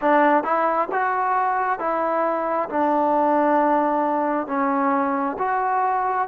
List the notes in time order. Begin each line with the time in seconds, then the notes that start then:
0.01 D4
0.43 E4
0.91 F#4
1.79 E4
2.69 D4
4.47 C#4
5.38 F#4